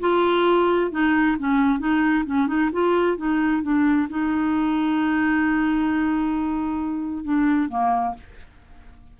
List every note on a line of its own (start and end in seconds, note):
0.00 0.91 F4
0.91 1.36 D#4
1.38 1.79 C#4
1.79 2.24 D#4
2.26 2.47 C#4
2.47 2.70 D#4
2.72 3.17 F4
3.17 3.62 D#4
3.62 4.08 D4
4.09 7.24 D#4
7.24 7.69 D4
7.69 8.14 A#3